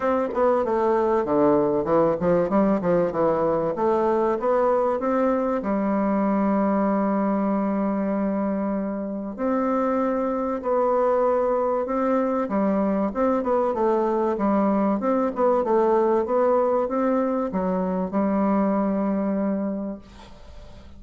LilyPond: \new Staff \with { instrumentName = "bassoon" } { \time 4/4 \tempo 4 = 96 c'8 b8 a4 d4 e8 f8 | g8 f8 e4 a4 b4 | c'4 g2.~ | g2. c'4~ |
c'4 b2 c'4 | g4 c'8 b8 a4 g4 | c'8 b8 a4 b4 c'4 | fis4 g2. | }